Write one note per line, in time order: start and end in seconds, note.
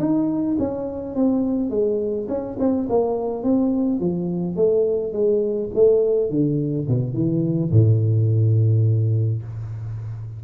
0.00 0.57 D#4
0.59 1.15 C#4
1.15 1.70 C4
1.70 2.27 G#3
2.29 2.57 C#4
2.59 2.88 C4
2.89 3.43 A#3
3.43 4.00 C4
4.00 4.56 F3
4.56 5.13 A3
5.13 5.70 G#3
5.75 6.30 A3
6.30 6.88 D3
6.88 7.14 B2
7.14 7.71 E3
7.71 9.43 A2